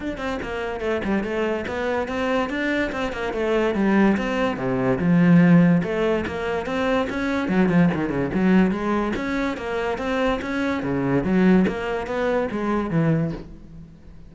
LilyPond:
\new Staff \with { instrumentName = "cello" } { \time 4/4 \tempo 4 = 144 d'8 c'8 ais4 a8 g8 a4 | b4 c'4 d'4 c'8 ais8 | a4 g4 c'4 c4 | f2 a4 ais4 |
c'4 cis'4 fis8 f8 dis8 cis8 | fis4 gis4 cis'4 ais4 | c'4 cis'4 cis4 fis4 | ais4 b4 gis4 e4 | }